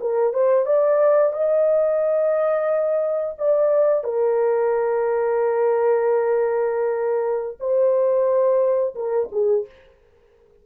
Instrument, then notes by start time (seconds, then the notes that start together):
horn
0.00 A#4
0.33 C5
0.66 D5
1.33 D#5
3.38 D5
4.04 A#4
7.60 C5
8.95 A#4
9.32 G#4